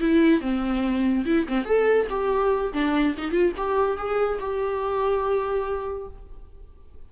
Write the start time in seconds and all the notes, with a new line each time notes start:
0.00 E4
0.41 C4
1.25 E4
1.48 C4
1.64 A4
2.09 G4
2.73 D4
3.18 D#4
3.31 F4
3.57 G4
3.97 G#4
4.39 G4